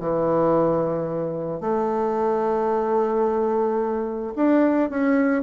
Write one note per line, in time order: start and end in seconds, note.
0.00 1.61 E3
1.61 4.33 A3
4.36 4.90 D4
4.90 5.43 C#4